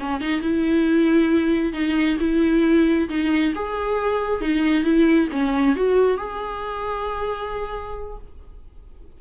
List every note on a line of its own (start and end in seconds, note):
0.00 0.21 C#4
0.21 0.41 D#4
0.41 1.73 E4
1.73 2.18 D#4
2.20 3.09 E4
3.09 3.54 D#4
3.55 4.41 G#4
4.41 4.84 D#4
4.84 5.28 E4
5.32 5.76 C#4
5.76 6.18 F#4
6.18 8.18 G#4